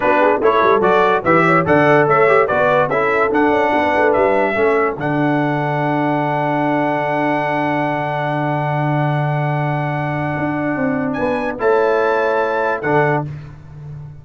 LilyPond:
<<
  \new Staff \with { instrumentName = "trumpet" } { \time 4/4 \tempo 4 = 145 b'4 cis''4 d''4 e''4 | fis''4 e''4 d''4 e''4 | fis''2 e''2 | fis''1~ |
fis''1~ | fis''1~ | fis''2. gis''4 | a''2. fis''4 | }
  \new Staff \with { instrumentName = "horn" } { \time 4/4 fis'8 gis'8 a'2 b'8 cis''8 | d''4 cis''4 b'4 a'4~ | a'4 b'2 a'4~ | a'1~ |
a'1~ | a'1~ | a'2. b'4 | cis''2. a'4 | }
  \new Staff \with { instrumentName = "trombone" } { \time 4/4 d'4 e'4 fis'4 g'4 | a'4. g'8 fis'4 e'4 | d'2. cis'4 | d'1~ |
d'1~ | d'1~ | d'1 | e'2. d'4 | }
  \new Staff \with { instrumentName = "tuba" } { \time 4/4 b4 a8 g8 fis4 e4 | d4 a4 b4 cis'4 | d'8 cis'8 b8 a8 g4 a4 | d1~ |
d1~ | d1~ | d4 d'4 c'4 b4 | a2. d4 | }
>>